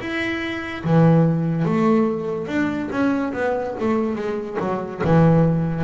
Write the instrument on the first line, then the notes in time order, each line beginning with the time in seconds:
double bass
0.00 E4
0.84 E3
1.65 A3
2.47 D4
2.91 C#4
3.33 B3
3.80 A3
4.15 G#3
4.60 F#3
5.05 E3